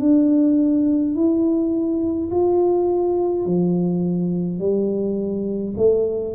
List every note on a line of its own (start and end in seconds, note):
0.00 1.15 D4
1.15 2.31 E4
2.31 3.46 F4
3.46 4.59 F3
4.59 5.74 G3
5.77 6.35 A3